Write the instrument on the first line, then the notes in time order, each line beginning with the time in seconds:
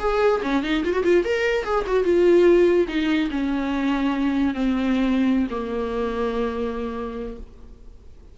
viola
0.00 G#4
0.43 C#4
0.63 D#4
0.84 F4
0.93 F#4
1.04 F4
1.24 A#4
1.64 G#4
1.87 F#4
2.04 F4
2.88 D#4
3.31 C#4
4.54 C4
5.51 A#3